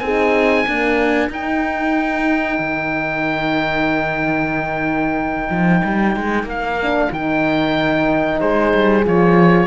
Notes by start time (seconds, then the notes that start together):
0.00 C4 D#4 G#4 G#5
0.68 A#3 D4 A#4
1.30 D#4 G5
2.59 D#3
5.50 F3
5.85 G3
6.17 G#3
6.44 A#3 F5
6.83 D4
7.12 D#3 D#4 G5
8.40 G#3 G#4 C5
8.75 G3
9.05 F3 F4 C#5